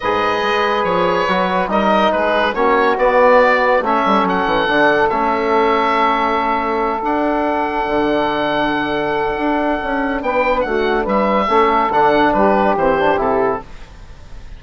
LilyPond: <<
  \new Staff \with { instrumentName = "oboe" } { \time 4/4 \tempo 4 = 141 dis''2 cis''2 | dis''4 b'4 cis''4 d''4~ | d''4 e''4 fis''2 | e''1~ |
e''8 fis''2.~ fis''8~ | fis''1 | g''4 fis''4 e''2 | fis''4 b'4 c''4 a'4 | }
  \new Staff \with { instrumentName = "saxophone" } { \time 4/4 b'1 | ais'4 gis'4 fis'2~ | fis'4 a'2.~ | a'1~ |
a'1~ | a'1 | b'4 fis'4 b'4 a'4~ | a'4 g'2. | }
  \new Staff \with { instrumentName = "trombone" } { \time 4/4 gis'2. fis'4 | dis'2 cis'4 b4~ | b4 cis'2 d'4 | cis'1~ |
cis'8 d'2.~ d'8~ | d'1~ | d'2. cis'4 | d'2 c'8 d'8 e'4 | }
  \new Staff \with { instrumentName = "bassoon" } { \time 4/4 gis,4 gis4 f4 fis4 | g4 gis4 ais4 b4~ | b4 a8 g8 fis8 e8 d4 | a1~ |
a8 d'2 d4.~ | d2 d'4 cis'4 | b4 a4 g4 a4 | d4 g4 e4 c4 | }
>>